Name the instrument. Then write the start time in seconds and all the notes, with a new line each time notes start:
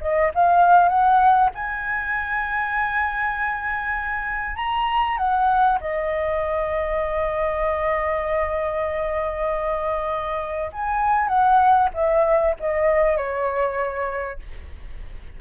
flute
0.00 D#5
0.35 F5
0.88 F#5
1.54 G#5
4.56 A#5
5.17 F#5
5.81 D#5
10.72 G#5
11.27 F#5
11.94 E5
12.59 D#5
13.17 C#5